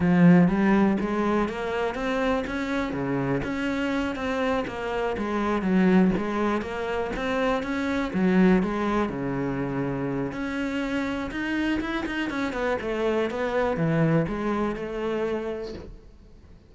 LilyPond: \new Staff \with { instrumentName = "cello" } { \time 4/4 \tempo 4 = 122 f4 g4 gis4 ais4 | c'4 cis'4 cis4 cis'4~ | cis'8 c'4 ais4 gis4 fis8~ | fis8 gis4 ais4 c'4 cis'8~ |
cis'8 fis4 gis4 cis4.~ | cis4 cis'2 dis'4 | e'8 dis'8 cis'8 b8 a4 b4 | e4 gis4 a2 | }